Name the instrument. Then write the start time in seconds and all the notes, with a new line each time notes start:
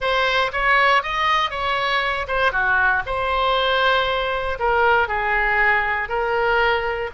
oboe
0.00 C5
0.52 C#5
1.03 D#5
1.50 C#5
2.27 C5
2.52 F#4
3.05 C5
4.59 A#4
5.08 G#4
6.09 A#4